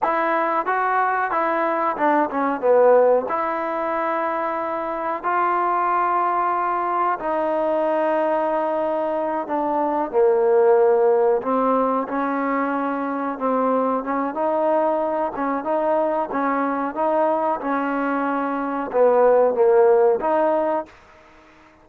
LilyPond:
\new Staff \with { instrumentName = "trombone" } { \time 4/4 \tempo 4 = 92 e'4 fis'4 e'4 d'8 cis'8 | b4 e'2. | f'2. dis'4~ | dis'2~ dis'8 d'4 ais8~ |
ais4. c'4 cis'4.~ | cis'8 c'4 cis'8 dis'4. cis'8 | dis'4 cis'4 dis'4 cis'4~ | cis'4 b4 ais4 dis'4 | }